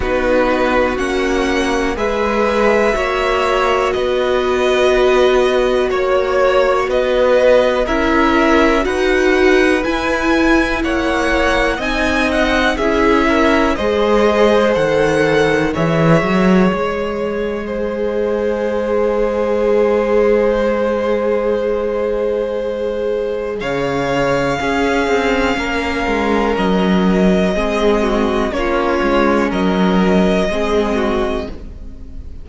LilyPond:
<<
  \new Staff \with { instrumentName = "violin" } { \time 4/4 \tempo 4 = 61 b'4 fis''4 e''2 | dis''2 cis''4 dis''4 | e''4 fis''4 gis''4 fis''4 | gis''8 fis''8 e''4 dis''4 fis''4 |
e''4 dis''2.~ | dis''1 | f''2. dis''4~ | dis''4 cis''4 dis''2 | }
  \new Staff \with { instrumentName = "violin" } { \time 4/4 fis'2 b'4 cis''4 | b'2 cis''4 b'4 | ais'4 b'2 cis''4 | dis''4 gis'8 ais'8 c''2 |
cis''2 c''2~ | c''1 | cis''4 gis'4 ais'2 | gis'8 fis'8 f'4 ais'4 gis'8 fis'8 | }
  \new Staff \with { instrumentName = "viola" } { \time 4/4 dis'4 cis'4 gis'4 fis'4~ | fis'1 | e'4 fis'4 e'2 | dis'4 e'4 gis'4 a'4 |
gis'1~ | gis'1~ | gis'4 cis'2. | c'4 cis'2 c'4 | }
  \new Staff \with { instrumentName = "cello" } { \time 4/4 b4 ais4 gis4 ais4 | b2 ais4 b4 | cis'4 dis'4 e'4 ais4 | c'4 cis'4 gis4 dis4 |
e8 fis8 gis2.~ | gis1 | cis4 cis'8 c'8 ais8 gis8 fis4 | gis4 ais8 gis8 fis4 gis4 | }
>>